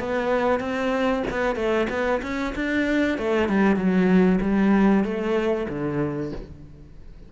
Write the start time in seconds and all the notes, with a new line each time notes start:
0.00 B3
0.61 C4
1.31 B3
1.56 A3
1.90 B3
2.23 C#4
2.56 D4
3.18 A3
3.49 G3
3.76 F#3
4.42 G3
5.04 A3
5.69 D3